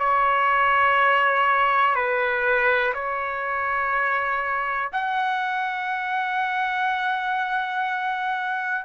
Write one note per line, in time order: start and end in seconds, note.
0.00 1.95 C#5
1.95 2.94 B4
2.94 4.91 C#5
4.93 8.86 F#5